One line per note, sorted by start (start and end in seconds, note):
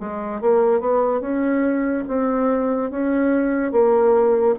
0.00 0.42 G#3
0.42 0.81 A#3
0.81 1.21 B3
1.21 2.05 C#4
2.08 2.91 C4
2.91 3.72 C#4
3.72 4.55 A#3